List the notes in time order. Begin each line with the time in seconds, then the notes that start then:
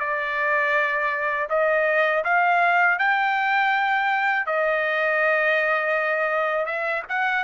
0.00 D5
1.50 D#5
2.25 F5
2.99 G5
4.46 D#5
6.66 E5
7.09 F#5